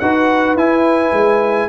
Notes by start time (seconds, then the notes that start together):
0.00 D#4 F#4 B4 F#5
0.56 E4 G#5
1.13 G#3